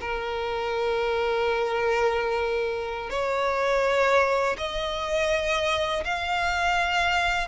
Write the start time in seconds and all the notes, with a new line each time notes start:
0.00 A#4
3.10 C#5
4.57 D#5
6.04 F5